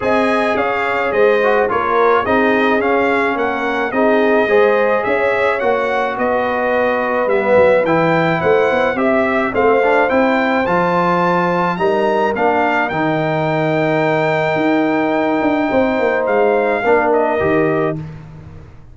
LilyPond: <<
  \new Staff \with { instrumentName = "trumpet" } { \time 4/4 \tempo 4 = 107 gis''4 f''4 dis''4 cis''4 | dis''4 f''4 fis''4 dis''4~ | dis''4 e''4 fis''4 dis''4~ | dis''4 e''4 g''4 fis''4 |
e''4 f''4 g''4 a''4~ | a''4 ais''4 f''4 g''4~ | g''1~ | g''4 f''4. dis''4. | }
  \new Staff \with { instrumentName = "horn" } { \time 4/4 dis''4 cis''4 c''4 ais'4 | gis'2 ais'4 gis'4 | c''4 cis''2 b'4~ | b'2. c''4 |
e''4 c''2.~ | c''4 ais'2.~ | ais'1 | c''2 ais'2 | }
  \new Staff \with { instrumentName = "trombone" } { \time 4/4 gis'2~ gis'8 fis'8 f'4 | dis'4 cis'2 dis'4 | gis'2 fis'2~ | fis'4 b4 e'2 |
g'4 c'8 d'8 e'4 f'4~ | f'4 dis'4 d'4 dis'4~ | dis'1~ | dis'2 d'4 g'4 | }
  \new Staff \with { instrumentName = "tuba" } { \time 4/4 c'4 cis'4 gis4 ais4 | c'4 cis'4 ais4 c'4 | gis4 cis'4 ais4 b4~ | b4 g8 fis8 e4 a8 b8 |
c'4 a4 c'4 f4~ | f4 g4 ais4 dis4~ | dis2 dis'4. d'8 | c'8 ais8 gis4 ais4 dis4 | }
>>